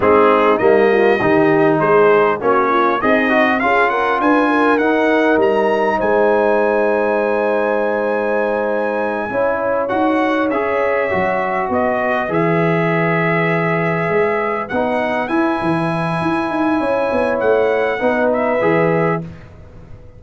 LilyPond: <<
  \new Staff \with { instrumentName = "trumpet" } { \time 4/4 \tempo 4 = 100 gis'4 dis''2 c''4 | cis''4 dis''4 f''8 fis''8 gis''4 | fis''4 ais''4 gis''2~ | gis''1~ |
gis''8 fis''4 e''2 dis''8~ | dis''8 e''2.~ e''8~ | e''8 fis''4 gis''2~ gis''8~ | gis''4 fis''4. e''4. | }
  \new Staff \with { instrumentName = "horn" } { \time 4/4 dis'4. f'8 g'4 gis'4 | fis'8 f'8 dis'4 gis'8 ais'8 b'8 ais'8~ | ais'2 c''2~ | c''2.~ c''8 cis''8~ |
cis''2.~ cis''8 b'8~ | b'1~ | b'1 | cis''2 b'2 | }
  \new Staff \with { instrumentName = "trombone" } { \time 4/4 c'4 ais4 dis'2 | cis'4 gis'8 fis'8 f'2 | dis'1~ | dis'2.~ dis'8 e'8~ |
e'8 fis'4 gis'4 fis'4.~ | fis'8 gis'2.~ gis'8~ | gis'8 dis'4 e'2~ e'8~ | e'2 dis'4 gis'4 | }
  \new Staff \with { instrumentName = "tuba" } { \time 4/4 gis4 g4 dis4 gis4 | ais4 c'4 cis'4 d'4 | dis'4 g4 gis2~ | gis2.~ gis8 cis'8~ |
cis'8 dis'4 cis'4 fis4 b8~ | b8 e2. gis8~ | gis8 b4 e'8 e4 e'8 dis'8 | cis'8 b8 a4 b4 e4 | }
>>